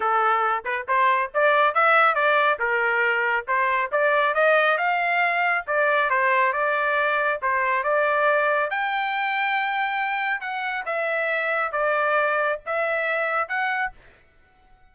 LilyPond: \new Staff \with { instrumentName = "trumpet" } { \time 4/4 \tempo 4 = 138 a'4. b'8 c''4 d''4 | e''4 d''4 ais'2 | c''4 d''4 dis''4 f''4~ | f''4 d''4 c''4 d''4~ |
d''4 c''4 d''2 | g''1 | fis''4 e''2 d''4~ | d''4 e''2 fis''4 | }